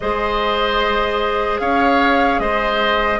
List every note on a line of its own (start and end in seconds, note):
0.00 1.60 G#3
0.00 3.19 G#4
0.00 1.61 C5
0.00 1.59 D#5
1.59 2.39 C#4
1.59 2.41 C#5
1.59 2.39 F5
2.39 3.19 G#3
2.39 3.19 C5
2.39 3.19 D#5